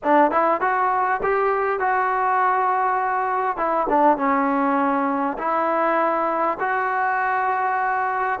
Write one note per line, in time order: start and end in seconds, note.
0.03 0.31 D4
0.31 0.60 E4
0.60 1.20 F#4
1.22 1.79 G4
1.79 3.56 F#4
3.56 3.86 E4
3.89 4.17 D4
4.17 5.37 C#4
5.38 6.58 E4
6.59 8.39 F#4